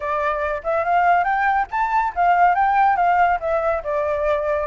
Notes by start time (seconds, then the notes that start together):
0.00 D5
0.63 E5
0.84 F5
1.23 G5
1.70 A5
2.15 F5
2.54 G5
2.96 F5
3.40 E5
3.83 D5